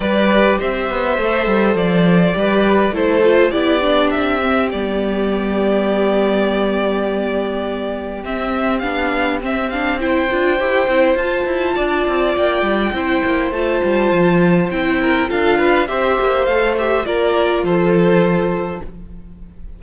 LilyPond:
<<
  \new Staff \with { instrumentName = "violin" } { \time 4/4 \tempo 4 = 102 d''4 e''2 d''4~ | d''4 c''4 d''4 e''4 | d''1~ | d''2 e''4 f''4 |
e''8 f''8 g''2 a''4~ | a''4 g''2 a''4~ | a''4 g''4 f''4 e''4 | f''8 e''8 d''4 c''2 | }
  \new Staff \with { instrumentName = "violin" } { \time 4/4 b'4 c''2. | b'4 a'4 g'2~ | g'1~ | g'1~ |
g'4 c''2. | d''2 c''2~ | c''4. ais'8 a'8 b'8 c''4~ | c''4 ais'4 a'2 | }
  \new Staff \with { instrumentName = "viola" } { \time 4/4 g'2 a'2 | g'4 e'8 f'8 e'8 d'4 c'8 | b1~ | b2 c'4 d'4 |
c'8 d'8 e'8 f'8 g'8 e'8 f'4~ | f'2 e'4 f'4~ | f'4 e'4 f'4 g'4 | a'8 g'8 f'2. | }
  \new Staff \with { instrumentName = "cello" } { \time 4/4 g4 c'8 b8 a8 g8 f4 | g4 a4 b4 c'4 | g1~ | g2 c'4 b4 |
c'4. d'8 e'8 c'8 f'8 e'8 | d'8 c'8 ais8 g8 c'8 ais8 a8 g8 | f4 c'4 d'4 c'8 ais8 | a4 ais4 f2 | }
>>